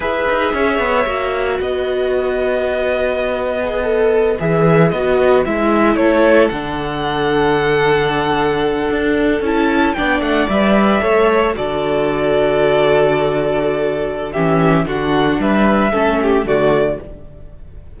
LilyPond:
<<
  \new Staff \with { instrumentName = "violin" } { \time 4/4 \tempo 4 = 113 e''2. dis''4~ | dis''1~ | dis''16 e''4 dis''4 e''4 cis''8.~ | cis''16 fis''2.~ fis''8.~ |
fis''4.~ fis''16 a''4 g''8 fis''8 e''16~ | e''4.~ e''16 d''2~ d''16~ | d''2. e''4 | fis''4 e''2 d''4 | }
  \new Staff \with { instrumentName = "violin" } { \time 4/4 b'4 cis''2 b'4~ | b'1~ | b'2.~ b'16 a'8.~ | a'1~ |
a'2~ a'8. d''4~ d''16~ | d''8. cis''4 a'2~ a'16~ | a'2. g'4 | fis'4 b'4 a'8 g'8 fis'4 | }
  \new Staff \with { instrumentName = "viola" } { \time 4/4 gis'2 fis'2~ | fis'2~ fis'8. gis'8 a'8.~ | a'16 gis'4 fis'4 e'4.~ e'16~ | e'16 d'2.~ d'8.~ |
d'4.~ d'16 e'4 d'4 b'16~ | b'8. a'4 fis'2~ fis'16~ | fis'2. cis'4 | d'2 cis'4 a4 | }
  \new Staff \with { instrumentName = "cello" } { \time 4/4 e'8 dis'8 cis'8 b8 ais4 b4~ | b1~ | b16 e4 b4 gis4 a8.~ | a16 d2.~ d8.~ |
d8. d'4 cis'4 b8 a8 g16~ | g8. a4 d2~ d16~ | d2. e4 | d4 g4 a4 d4 | }
>>